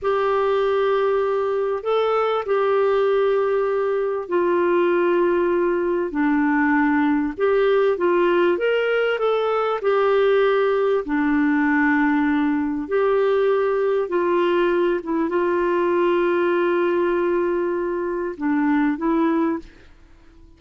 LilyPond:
\new Staff \with { instrumentName = "clarinet" } { \time 4/4 \tempo 4 = 98 g'2. a'4 | g'2. f'4~ | f'2 d'2 | g'4 f'4 ais'4 a'4 |
g'2 d'2~ | d'4 g'2 f'4~ | f'8 e'8 f'2.~ | f'2 d'4 e'4 | }